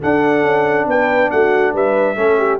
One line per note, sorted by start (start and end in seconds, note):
0.00 2.17 D4
0.00 0.43 D4
0.00 0.86 A4
0.00 0.89 F#5
0.43 0.86 C#4
0.86 1.29 B3
0.86 1.33 B4
0.86 1.31 G5
1.31 1.74 A3
1.31 1.74 F#4
1.31 1.74 F#5
1.74 2.16 G3
1.74 2.17 B4
1.74 2.60 E5
2.16 2.59 A3
2.16 2.60 C#4
2.16 2.38 A4
2.38 2.60 G4